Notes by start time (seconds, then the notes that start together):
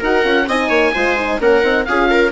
0.00 D#4 F#4 A#4 F#5
0.24 C#4 F4
0.48 C4 D#4 D#5 G#5
0.69 A#3 C#5
0.94 G#3 F4 C5
1.17 D#4
1.40 A#3 C#4 A#4 F#5
1.62 C4 D#4
1.85 C#4 F4 G#4 F5
2.10 A#4